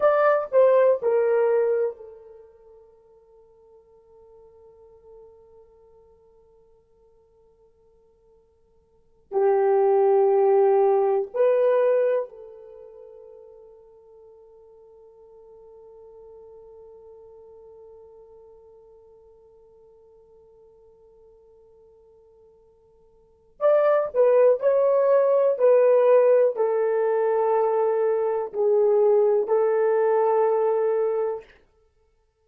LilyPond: \new Staff \with { instrumentName = "horn" } { \time 4/4 \tempo 4 = 61 d''8 c''8 ais'4 a'2~ | a'1~ | a'4. g'2 b'8~ | b'8 a'2.~ a'8~ |
a'1~ | a'1 | d''8 b'8 cis''4 b'4 a'4~ | a'4 gis'4 a'2 | }